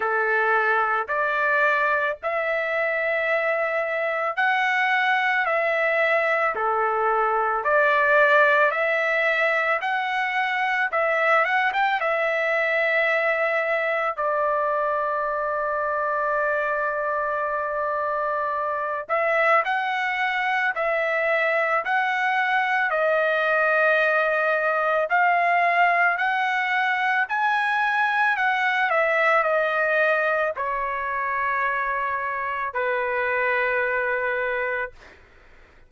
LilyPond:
\new Staff \with { instrumentName = "trumpet" } { \time 4/4 \tempo 4 = 55 a'4 d''4 e''2 | fis''4 e''4 a'4 d''4 | e''4 fis''4 e''8 fis''16 g''16 e''4~ | e''4 d''2.~ |
d''4. e''8 fis''4 e''4 | fis''4 dis''2 f''4 | fis''4 gis''4 fis''8 e''8 dis''4 | cis''2 b'2 | }